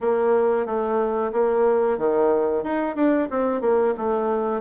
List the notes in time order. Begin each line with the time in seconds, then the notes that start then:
0.00 A#3
0.66 A3
1.32 A#3
1.98 D#3
2.63 D#4
2.95 D4
3.30 C4
3.61 A#3
3.97 A3